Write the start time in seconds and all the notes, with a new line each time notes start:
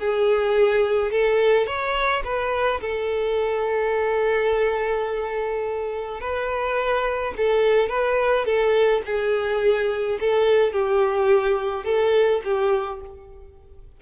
0.00 G#4
1.12 A4
1.67 C#5
2.25 B4
2.81 A4
6.21 B4
7.37 A4
7.89 B4
8.46 A4
9.06 G#4
10.20 A4
10.73 G4
11.85 A4
12.45 G4